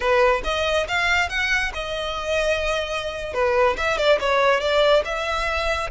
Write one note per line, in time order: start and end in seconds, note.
0.00 0.42 B4
0.44 0.86 D#5
0.87 1.29 F5
1.29 1.72 F#5
1.74 3.33 D#5
3.33 3.76 B4
3.77 3.97 E5
3.97 4.19 D5
4.20 4.60 C#5
4.60 5.03 D5
5.04 5.90 E5